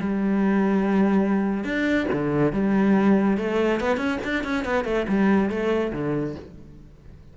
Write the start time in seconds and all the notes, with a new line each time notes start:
0.00 G3
1.64 D4
2.13 D3
2.53 G3
3.38 A3
3.80 B3
3.97 C#4
4.25 D4
4.44 C#4
4.65 B3
4.85 A3
5.09 G3
5.50 A3
5.93 D3